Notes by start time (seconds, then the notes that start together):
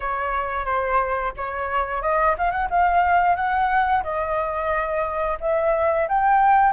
0.00 C#5
0.65 C5
1.37 C#5
2.01 D#5
2.38 F5
2.51 F#5
2.70 F5
3.35 F#5
4.03 D#5
5.40 E5
6.08 G5